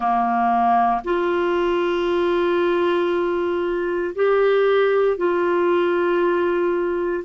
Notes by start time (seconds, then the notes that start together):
0.00 A#3
1.04 F4
4.15 G4
5.17 F4